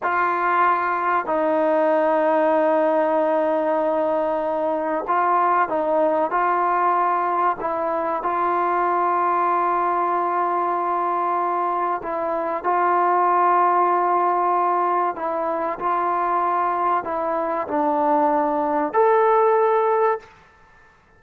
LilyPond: \new Staff \with { instrumentName = "trombone" } { \time 4/4 \tempo 4 = 95 f'2 dis'2~ | dis'1 | f'4 dis'4 f'2 | e'4 f'2.~ |
f'2. e'4 | f'1 | e'4 f'2 e'4 | d'2 a'2 | }